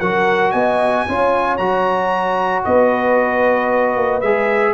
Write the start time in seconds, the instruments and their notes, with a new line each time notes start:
0.00 tuba F#3, trombone F#4, horn A#4, trumpet F#5
0.51 tuba B3, horn D#5, trumpet G#5
1.07 tuba C#4, trombone F4, horn C#5
1.57 tuba F#3, trombone F#4, trumpet A#5
2.64 tuba B3, horn B4, trumpet D#5
3.96 tuba A#3
4.21 tuba G#3, trombone G#4, trumpet E5